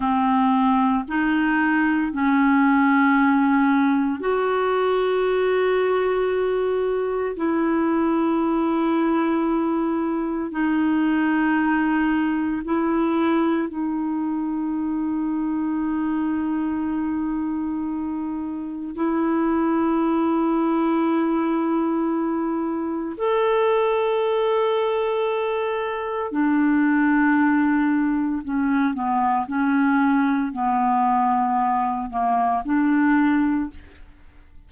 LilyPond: \new Staff \with { instrumentName = "clarinet" } { \time 4/4 \tempo 4 = 57 c'4 dis'4 cis'2 | fis'2. e'4~ | e'2 dis'2 | e'4 dis'2.~ |
dis'2 e'2~ | e'2 a'2~ | a'4 d'2 cis'8 b8 | cis'4 b4. ais8 d'4 | }